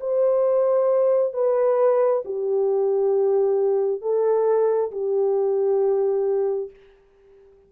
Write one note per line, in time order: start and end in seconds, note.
0.00 1.33 C5
1.33 2.23 B4
2.25 4.01 G4
4.01 4.91 A4
4.91 6.70 G4